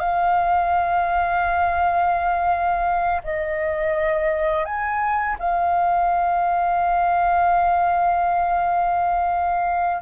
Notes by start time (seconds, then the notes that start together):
0.00 F5
3.24 D#5
4.65 G#5
5.39 F5